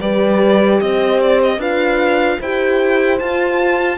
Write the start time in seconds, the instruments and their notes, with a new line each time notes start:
0.00 cello G3, horn G4 B4, violin D5
0.80 cello C4, horn C5, violin D#5
1.21 violin D5
1.42 violin D#5
1.58 cello D4, horn F4 B4, violin F5
2.40 cello E4, horn G4 C5, violin G5
3.18 horn F4, cello F4, violin A5